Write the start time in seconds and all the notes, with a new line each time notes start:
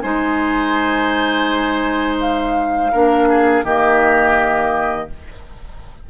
0.00 G#3 D#4 C5 G#5
2.20 F5
2.92 A#3 D4 A#4
3.29 G#4
3.64 D#3 A#3 G4 D#5